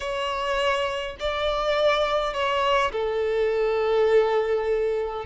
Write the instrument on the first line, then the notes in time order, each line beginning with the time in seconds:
violin
0.00 C#5
1.19 D5
2.33 C#5
2.92 A4